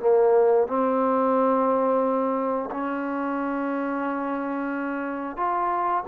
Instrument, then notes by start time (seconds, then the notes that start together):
trombone
0.00 A#3
0.67 C4
2.71 C#4
5.36 F4